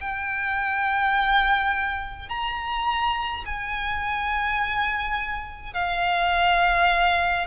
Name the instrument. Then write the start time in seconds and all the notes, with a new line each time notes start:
violin
0.00 G5
2.29 A#5
3.46 G#5
5.73 F5